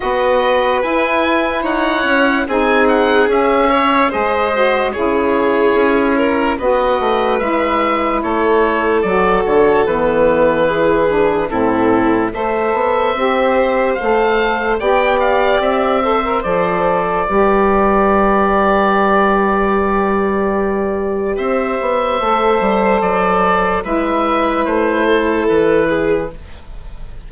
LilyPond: <<
  \new Staff \with { instrumentName = "oboe" } { \time 4/4 \tempo 4 = 73 dis''4 gis''4 fis''4 gis''8 fis''8 | e''4 dis''4 cis''2 | dis''4 e''4 cis''4 d''8 cis''8 | b'2 a'4 e''4~ |
e''4 f''4 g''8 f''8 e''4 | d''1~ | d''2 e''2 | d''4 e''4 c''4 b'4 | }
  \new Staff \with { instrumentName = "violin" } { \time 4/4 b'2 cis''4 gis'4~ | gis'8 cis''8 c''4 gis'4. ais'8 | b'2 a'2~ | a'4 gis'4 e'4 c''4~ |
c''2 d''4. c''8~ | c''4 b'2.~ | b'2 c''2~ | c''4 b'4. a'4 gis'8 | }
  \new Staff \with { instrumentName = "saxophone" } { \time 4/4 fis'4 e'2 dis'4 | cis'4 gis'8 fis'8 e'2 | fis'4 e'2 fis'4 | b4 e'8 d'8 c'4 a'4 |
g'4 a'4 g'4. a'16 ais'16 | a'4 g'2.~ | g'2. a'4~ | a'4 e'2. | }
  \new Staff \with { instrumentName = "bassoon" } { \time 4/4 b4 e'4 dis'8 cis'8 c'4 | cis'4 gis4 cis4 cis'4 | b8 a8 gis4 a4 fis8 d8 | e2 a,4 a8 b8 |
c'4 a4 b4 c'4 | f4 g2.~ | g2 c'8 b8 a8 g8 | fis4 gis4 a4 e4 | }
>>